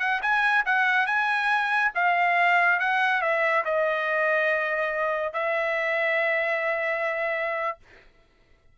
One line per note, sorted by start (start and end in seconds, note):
0.00 0.21 F#5
0.22 0.65 G#5
0.66 1.07 F#5
1.07 1.92 G#5
1.95 2.80 F5
2.80 3.22 F#5
3.22 3.65 E5
3.65 5.34 D#5
5.34 7.79 E5